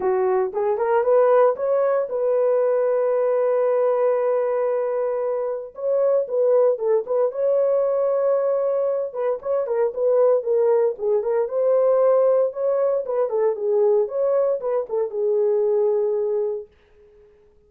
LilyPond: \new Staff \with { instrumentName = "horn" } { \time 4/4 \tempo 4 = 115 fis'4 gis'8 ais'8 b'4 cis''4 | b'1~ | b'2. cis''4 | b'4 a'8 b'8 cis''2~ |
cis''4. b'8 cis''8 ais'8 b'4 | ais'4 gis'8 ais'8 c''2 | cis''4 b'8 a'8 gis'4 cis''4 | b'8 a'8 gis'2. | }